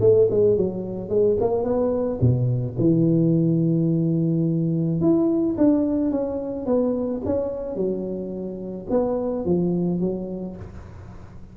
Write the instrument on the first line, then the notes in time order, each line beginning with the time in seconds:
tuba
0.00 A3
0.30 G#3
0.56 F#3
1.09 G#3
1.40 A#3
1.63 B3
2.20 B2
2.78 E3
5.00 E4
5.57 D4
6.11 C#4
6.66 B3
7.25 C#4
7.75 F#3
8.90 B3
9.45 F3
10.00 F#3